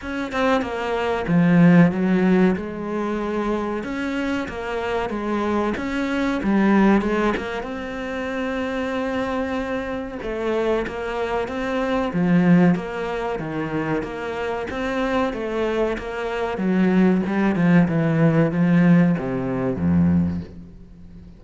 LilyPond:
\new Staff \with { instrumentName = "cello" } { \time 4/4 \tempo 4 = 94 cis'8 c'8 ais4 f4 fis4 | gis2 cis'4 ais4 | gis4 cis'4 g4 gis8 ais8 | c'1 |
a4 ais4 c'4 f4 | ais4 dis4 ais4 c'4 | a4 ais4 fis4 g8 f8 | e4 f4 c4 f,4 | }